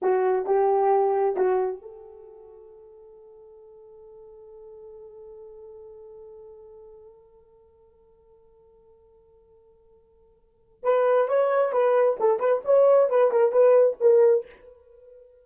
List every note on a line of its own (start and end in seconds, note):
0.02 0.46 F#4
0.46 1.36 G4
1.36 1.81 F#4
1.81 10.83 A4
10.83 11.28 B4
11.28 11.72 C#5
11.72 12.17 B4
12.20 12.39 A4
12.39 12.62 B4
12.64 13.09 C#5
13.09 13.31 B4
13.31 13.52 A#4
13.52 13.97 B4
14.00 14.45 A#4